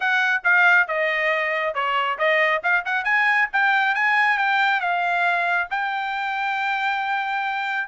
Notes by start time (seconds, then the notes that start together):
0.00 F#5
0.43 F5
0.87 D#5
1.74 C#5
2.18 D#5
2.63 F5
2.85 F#5
3.04 G#5
3.53 G5
3.95 G#5
4.38 G5
4.80 F5
5.70 G5